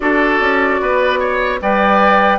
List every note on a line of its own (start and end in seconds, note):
0.00 0.40 D4
0.00 1.60 F#4
0.00 0.81 A4
0.00 1.58 D5
0.40 0.80 C#4
0.80 1.60 B3
0.80 1.19 B4
1.19 1.59 C#5
1.61 2.38 G3
1.61 2.38 B4
1.61 2.38 D5
1.61 2.38 G5